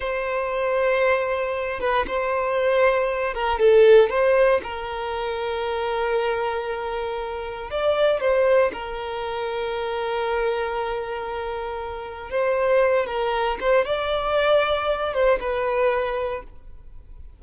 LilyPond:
\new Staff \with { instrumentName = "violin" } { \time 4/4 \tempo 4 = 117 c''2.~ c''8 b'8 | c''2~ c''8 ais'8 a'4 | c''4 ais'2.~ | ais'2. d''4 |
c''4 ais'2.~ | ais'1 | c''4. ais'4 c''8 d''4~ | d''4. c''8 b'2 | }